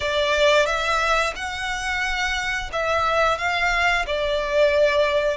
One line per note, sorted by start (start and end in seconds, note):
0.00 0.66 D5
0.66 1.33 E5
1.35 2.70 F#5
2.72 3.38 E5
3.38 4.05 F5
4.06 5.37 D5